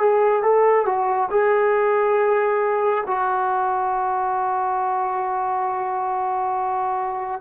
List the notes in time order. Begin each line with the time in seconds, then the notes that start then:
0.00 G#4
0.43 A4
0.86 F#4
1.30 G#4
3.07 F#4